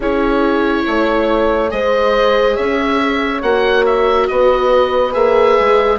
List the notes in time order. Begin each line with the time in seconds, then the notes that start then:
0.00 C#4 E4 G#4 C#5
0.87 A3 C#5
1.69 G#3 G#4 C5 D#5
2.55 C#4 C#5 E5
3.42 A#3 F#4 F#5
3.85 E5
4.27 B3 B4 D#5
5.12 A#3 G#4 E5
5.59 G#3